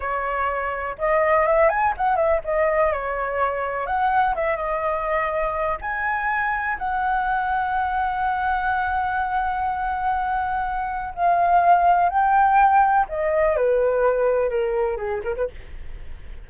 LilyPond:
\new Staff \with { instrumentName = "flute" } { \time 4/4 \tempo 4 = 124 cis''2 dis''4 e''8 gis''8 | fis''8 e''8 dis''4 cis''2 | fis''4 e''8 dis''2~ dis''8 | gis''2 fis''2~ |
fis''1~ | fis''2. f''4~ | f''4 g''2 dis''4 | b'2 ais'4 gis'8 ais'16 b'16 | }